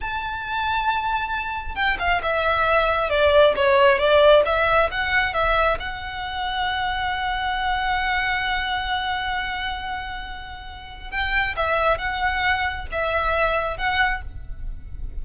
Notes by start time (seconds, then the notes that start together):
0.00 A5
1.75 G5
1.99 F5
2.22 E5
3.09 D5
3.56 C#5
3.98 D5
4.45 E5
4.91 F#5
5.33 E5
5.79 F#5
11.10 G5
11.56 E5
11.97 F#5
12.91 E5
13.77 F#5